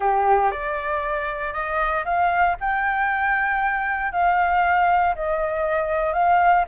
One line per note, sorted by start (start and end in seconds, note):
0.00 0.51 G4
0.51 1.53 D5
1.53 2.04 D#5
2.05 2.56 F5
2.60 4.12 G5
4.12 5.14 F5
5.15 6.13 D#5
6.13 6.64 F5